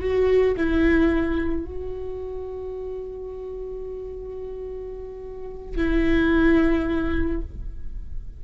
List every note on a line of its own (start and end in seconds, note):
0.00 0.55 F#4
0.57 1.64 E4
1.64 5.76 F#4
5.76 7.41 E4